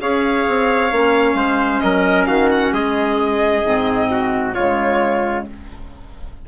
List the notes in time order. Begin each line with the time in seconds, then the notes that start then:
0.00 C#4 G#4 C#5 F5
0.47 C4
0.90 A#3 C#4
1.34 G#3 C5
1.79 F#3 A#4 D#5
2.26 D#3 F#4 F5
2.51 F#5
2.71 G#3 G#4 D#5
3.64 G#2 C4
4.10 F#4
4.54 C#3 G#3 F4 C#5